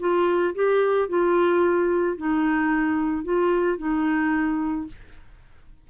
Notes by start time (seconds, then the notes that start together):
0.00 F4
0.55 G4
1.09 F4
2.17 D#4
3.24 F4
3.78 D#4